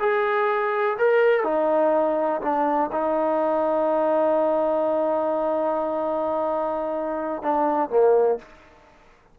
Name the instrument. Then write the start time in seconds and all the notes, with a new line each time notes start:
trombone
0.00 G#4
0.98 A#4
1.44 D#4
2.42 D4
2.92 D#4
7.43 D4
7.90 A#3